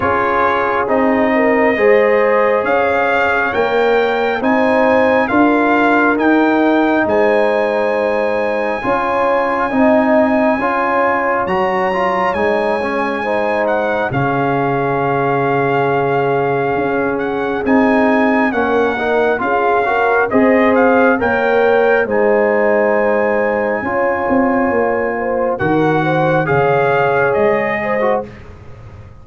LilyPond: <<
  \new Staff \with { instrumentName = "trumpet" } { \time 4/4 \tempo 4 = 68 cis''4 dis''2 f''4 | g''4 gis''4 f''4 g''4 | gis''1~ | gis''4 ais''4 gis''4. fis''8 |
f''2.~ f''8 fis''8 | gis''4 fis''4 f''4 dis''8 f''8 | g''4 gis''2.~ | gis''4 fis''4 f''4 dis''4 | }
  \new Staff \with { instrumentName = "horn" } { \time 4/4 gis'4. ais'8 c''4 cis''4~ | cis''4 c''4 ais'2 | c''2 cis''4 dis''4 | cis''2. c''4 |
gis'1~ | gis'4 ais'4 gis'8 ais'8 c''4 | cis''4 c''2 cis''4~ | cis''8 c''8 ais'8 c''8 cis''4. c''8 | }
  \new Staff \with { instrumentName = "trombone" } { \time 4/4 f'4 dis'4 gis'2 | ais'4 dis'4 f'4 dis'4~ | dis'2 f'4 dis'4 | f'4 fis'8 f'8 dis'8 cis'8 dis'4 |
cis'1 | dis'4 cis'8 dis'8 f'8 fis'8 gis'4 | ais'4 dis'2 f'4~ | f'4 fis'4 gis'4.~ gis'16 fis'16 | }
  \new Staff \with { instrumentName = "tuba" } { \time 4/4 cis'4 c'4 gis4 cis'4 | ais4 c'4 d'4 dis'4 | gis2 cis'4 c'4 | cis'4 fis4 gis2 |
cis2. cis'4 | c'4 ais4 cis'4 c'4 | ais4 gis2 cis'8 c'8 | ais4 dis4 cis4 gis4 | }
>>